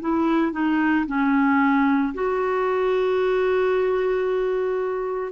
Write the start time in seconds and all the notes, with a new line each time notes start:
0.00 E4
0.52 D#4
1.06 C#4
2.14 F#4